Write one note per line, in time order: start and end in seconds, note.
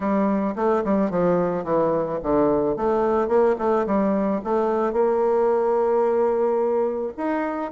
0.00 0.55 G3
0.55 0.83 A3
0.84 1.10 G3
1.10 1.64 F3
1.64 2.19 E3
2.22 2.76 D3
2.76 3.28 A3
3.28 3.55 A#3
3.58 3.85 A3
3.86 4.41 G3
4.43 4.92 A3
4.92 7.13 A#3
7.17 7.71 D#4